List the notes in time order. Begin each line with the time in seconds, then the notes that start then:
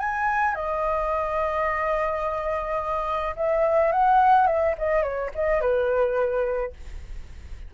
0.00 G#5
0.55 D#5
3.36 E5
3.93 F#5
4.47 E5
4.78 D#5
5.03 C#5
5.35 D#5
5.61 B4